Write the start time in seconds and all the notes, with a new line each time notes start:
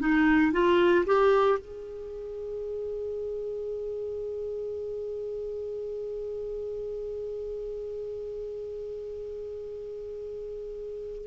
0.00 D#4
0.53 F4
1.06 G4
1.59 G#4